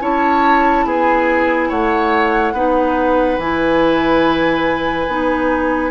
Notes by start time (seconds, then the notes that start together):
0.00 C#4 E4 C#5 A5
0.85 B3 G#4 G#5
1.68 A3 C#5 F#5
2.52 B3 D#4 B4
3.38 E3 E4 G#5
5.07 B3 D#4